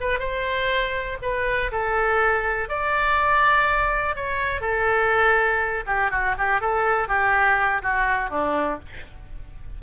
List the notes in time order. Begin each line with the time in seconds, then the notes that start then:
0.00 B4
0.19 C5
1.22 B4
1.71 A4
2.68 D5
4.15 C#5
4.61 A4
5.86 G4
6.11 F#4
6.38 G4
6.61 A4
7.08 G4
7.82 F#4
8.30 D4